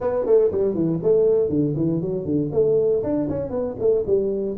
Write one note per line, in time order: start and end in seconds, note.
0.00 0.25 B3
0.25 0.50 A3
0.51 0.74 G3
0.74 0.99 E3
1.02 1.49 A3
1.49 1.74 D3
1.76 2.01 E3
2.01 2.25 F#3
2.25 2.50 D3
2.52 3.03 A3
3.03 3.28 D4
3.29 3.50 C#4
3.50 3.75 B3
3.79 4.04 A3
4.06 4.56 G3